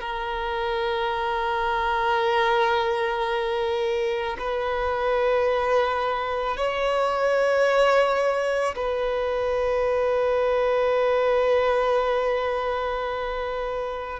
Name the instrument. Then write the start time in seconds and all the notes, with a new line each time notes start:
violin
0.00 A#4
4.38 B4
6.57 C#5
8.75 B4